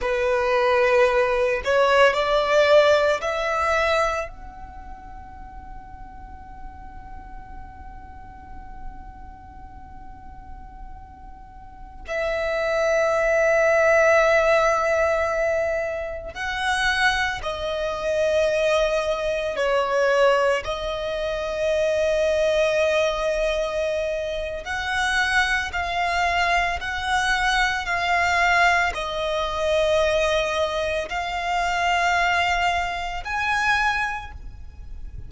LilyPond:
\new Staff \with { instrumentName = "violin" } { \time 4/4 \tempo 4 = 56 b'4. cis''8 d''4 e''4 | fis''1~ | fis''2.~ fis''16 e''8.~ | e''2.~ e''16 fis''8.~ |
fis''16 dis''2 cis''4 dis''8.~ | dis''2. fis''4 | f''4 fis''4 f''4 dis''4~ | dis''4 f''2 gis''4 | }